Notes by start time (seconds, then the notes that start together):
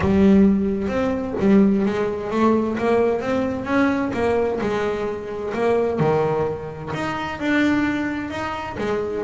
0.00 G3
0.88 C4
1.39 G3
1.85 G#3
2.30 A3
2.78 A#3
3.20 C4
3.65 C#4
4.13 A#3
4.60 G#3
5.53 A#3
5.99 D#3
6.94 D#4
7.39 D4
8.30 D#4
8.78 G#3